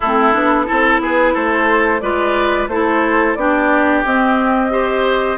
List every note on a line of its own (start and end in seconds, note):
0.00 0.34 A3
0.00 0.33 C4
0.00 0.65 E4
0.00 1.01 A4
0.33 0.67 B3
0.33 0.66 D4
0.66 1.00 C4
0.66 2.01 E4
0.66 1.01 A4
1.00 1.33 B3
1.00 1.33 G#4
1.00 1.35 B4
1.33 2.01 A3
1.33 2.01 A4
1.33 2.00 C5
2.00 2.67 G#3
2.00 2.69 F4
2.00 2.69 B4
2.00 2.67 D5
2.67 3.35 A3
2.67 3.37 E4
2.67 3.38 A4
2.67 3.35 C5
3.35 4.03 B3
3.35 4.05 D4
3.35 4.72 G4
3.35 4.02 D5
4.04 4.70 C4
4.04 5.37 C4
4.04 5.37 D#5
4.70 5.37 G4
4.70 5.37 C5